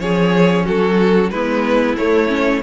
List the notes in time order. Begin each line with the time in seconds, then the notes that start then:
0.00 F3 C#4 G#4 C#5
0.65 F#3 F#4 A4
1.30 G#3 B3 E4 B4
1.97 A3 C#5
2.28 C#4